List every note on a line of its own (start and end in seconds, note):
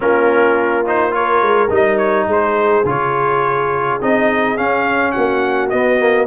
0.00 1.41 A#3
0.00 0.84 C#4
0.00 1.15 F4
0.00 0.86 A#4
0.86 1.11 D#4
0.86 1.13 C5
1.11 1.68 F4
1.11 2.28 A#4
1.11 1.71 C#5
1.41 1.69 G#3
1.70 2.26 G3
1.70 2.84 D#4
1.70 1.97 D#5
1.97 2.26 C#5
2.26 2.83 G#3
2.26 5.13 G#4
2.26 2.88 C5
2.84 3.99 C#3
2.84 4.00 F4
2.84 4.01 C#5
4.01 4.57 C4
4.01 4.56 D#4
4.01 4.57 D#5
4.56 5.71 C#4
4.56 5.14 C#4
4.56 5.11 F5
5.11 5.72 A#3
5.11 6.26 F#4
5.11 5.68 F#5
5.69 5.99 B3
5.69 6.26 B3
5.69 6.26 D#5
5.99 6.26 A#3